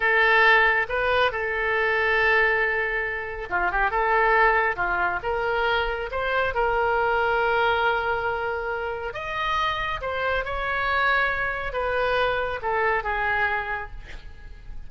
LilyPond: \new Staff \with { instrumentName = "oboe" } { \time 4/4 \tempo 4 = 138 a'2 b'4 a'4~ | a'1 | f'8 g'8 a'2 f'4 | ais'2 c''4 ais'4~ |
ais'1~ | ais'4 dis''2 c''4 | cis''2. b'4~ | b'4 a'4 gis'2 | }